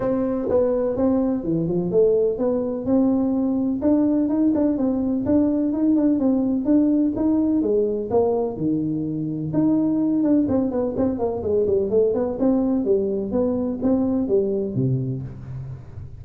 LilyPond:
\new Staff \with { instrumentName = "tuba" } { \time 4/4 \tempo 4 = 126 c'4 b4 c'4 e8 f8 | a4 b4 c'2 | d'4 dis'8 d'8 c'4 d'4 | dis'8 d'8 c'4 d'4 dis'4 |
gis4 ais4 dis2 | dis'4. d'8 c'8 b8 c'8 ais8 | gis8 g8 a8 b8 c'4 g4 | b4 c'4 g4 c4 | }